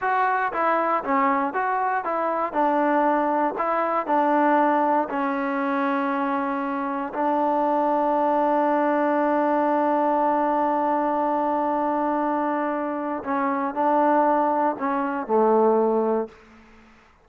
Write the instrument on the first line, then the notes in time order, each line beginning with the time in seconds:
trombone
0.01 F#4
0.52 E4
1.04 C#4
1.53 F#4
2.04 E4
2.52 D4
3.58 E4
4.06 D4
5.09 C#4
7.13 D4
13.23 C#4
13.74 D4
14.78 C#4
15.27 A3